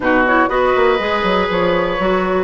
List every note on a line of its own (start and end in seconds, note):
0.00 0.48 B2
0.00 0.25 D#4
0.00 0.49 F#4
0.00 0.25 B4
0.26 0.49 E4
0.26 0.49 C#5
0.48 0.73 B3
0.48 0.98 F#4
0.48 2.43 B4
0.48 1.48 D#5
0.76 0.99 A#3
0.98 1.23 G#3
0.98 1.98 G#4
1.23 1.48 F#3
1.50 1.99 F3
1.50 2.43 C#5
1.98 2.43 F#3
1.98 2.43 F#4